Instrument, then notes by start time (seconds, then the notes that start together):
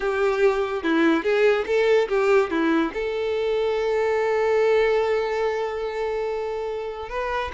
violin
0.00 G4
0.83 E4
1.23 G#4
1.66 A4
2.08 G4
2.50 E4
2.93 A4
7.09 B4